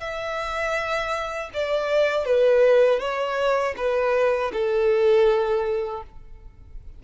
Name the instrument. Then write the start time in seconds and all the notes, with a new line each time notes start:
violin
0.00 E5
1.53 D5
2.25 B4
3.00 C#5
3.77 B4
4.53 A4